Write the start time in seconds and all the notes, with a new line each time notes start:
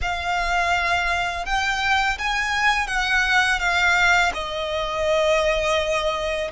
0.01 F5
1.45 G5
2.18 G#5
2.87 F#5
3.59 F5
4.34 D#5